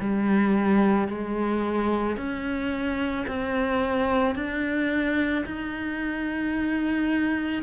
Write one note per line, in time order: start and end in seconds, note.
0.00 1.08 G3
1.08 2.16 G#3
2.16 3.25 C#4
3.27 4.35 C4
4.35 5.44 D4
5.45 7.62 D#4